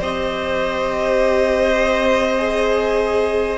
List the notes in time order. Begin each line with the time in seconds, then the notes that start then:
0.00 C4 G4 C5 D#5
2.38 G#4